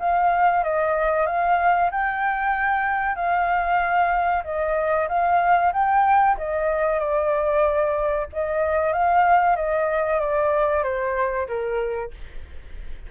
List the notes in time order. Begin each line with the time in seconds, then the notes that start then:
0.00 F5
0.64 D#5
1.26 F5
1.91 G5
3.16 F5
4.44 D#5
5.09 F5
5.73 G5
6.38 D#5
6.99 D5
8.33 D#5
8.93 F5
9.56 D#5
10.20 D5
10.83 C5
11.47 A#4